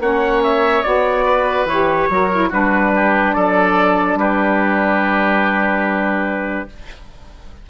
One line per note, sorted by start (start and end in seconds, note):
0.00 0.83 A#3
0.00 0.84 C#4
0.00 1.25 C#5
0.00 0.43 F#5
0.43 0.83 E5
0.83 1.65 B3
0.83 1.67 F#4
0.83 1.66 D5
1.25 2.09 B4
1.65 2.07 E3
1.65 2.10 G4
1.65 2.51 C#5
2.09 2.51 F#3
2.09 2.31 F#4
2.09 2.50 A#4
2.32 2.52 E4
2.50 3.35 G3
2.50 6.68 D4
2.50 2.91 F#4
2.50 3.34 B4
2.95 3.36 G4
3.34 4.15 F#3
3.34 4.19 A4
3.34 4.17 D5
4.15 6.65 G3
4.15 6.69 G4
4.15 6.70 B4